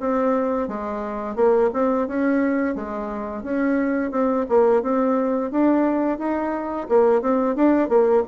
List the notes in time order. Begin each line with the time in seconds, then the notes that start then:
0.00 C4
0.68 G#3
1.35 A#3
1.73 C4
2.08 C#4
2.75 G#3
3.43 C#4
4.11 C4
4.49 A#3
4.82 C4
5.51 D4
6.18 D#4
6.89 A#3
7.22 C4
7.55 D4
7.89 A#3